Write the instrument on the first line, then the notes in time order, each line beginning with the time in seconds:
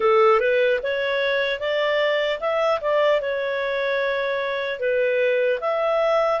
clarinet
0.00 A4
0.40 B4
0.82 C#5
1.59 D5
2.40 E5
2.80 D5
3.20 C#5
4.79 B4
5.60 E5